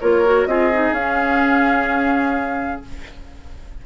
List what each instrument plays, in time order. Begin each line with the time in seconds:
0.00 bassoon A#3, clarinet F4, oboe A#4, flute C#5
0.25 clarinet F#4
0.46 bassoon C4, clarinet F4, oboe G#4, flute D#5
0.73 clarinet D#4
0.91 bassoon C#4, clarinet C#4, flute F5